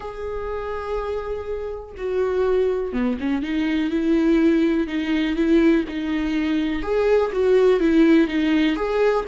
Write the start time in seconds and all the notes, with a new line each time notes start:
0.00 G#4
1.97 F#4
2.92 B3
3.20 C#4
3.42 D#4
3.90 E4
4.87 D#4
5.36 E4
5.88 D#4
6.82 G#4
7.32 F#4
7.79 E4
8.27 D#4
8.76 G#4